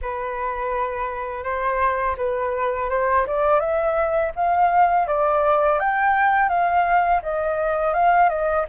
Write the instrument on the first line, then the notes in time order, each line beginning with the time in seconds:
flute
0.01 B4
1.43 C5
2.17 B4
2.89 C5
3.26 D5
3.59 E5
4.35 F5
5.07 D5
5.79 G5
6.48 F5
7.22 D#5
7.93 F5
8.29 D#5